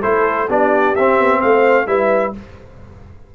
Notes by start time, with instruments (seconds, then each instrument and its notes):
0.00 tuba A3, trombone E4, horn A4, trumpet C5
0.47 tuba B3, trombone D4, horn G4, trumpet D5
0.95 tuba C4, trombone C4, trumpet E5
1.19 tuba B3
1.40 tuba A3, horn C5, trumpet F5
1.86 tuba G3, trombone E4, horn B4, trumpet E5